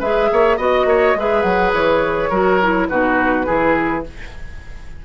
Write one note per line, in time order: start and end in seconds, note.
0.00 0.30 G#3
0.00 0.59 G#4
0.00 0.29 B4
0.00 0.59 E5
0.32 0.58 A#3
0.32 0.57 C#5
0.57 0.85 B3
0.57 1.16 F#4
0.57 0.86 D#5
0.57 1.19 D#5
0.85 1.14 A#3
0.85 1.17 C#5
1.15 1.44 G#3
1.15 2.32 G#4
1.15 2.30 B4
1.15 1.42 E5
1.42 1.73 F#3
1.42 1.71 F#5
1.73 2.30 E3
1.73 2.89 C#5
2.30 2.89 F#3
2.30 2.61 F#4
2.30 2.88 A#4
2.63 2.91 E4
2.89 3.48 B2
2.89 3.46 D#4
2.89 3.46 F#4
2.89 4.04 B4
3.46 4.06 E3
3.46 4.04 E4
3.46 4.04 G#4